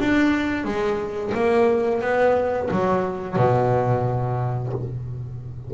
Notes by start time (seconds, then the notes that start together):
0.00 D4
0.64 G#3
1.35 A#3
2.01 B3
2.71 F#3
3.36 B2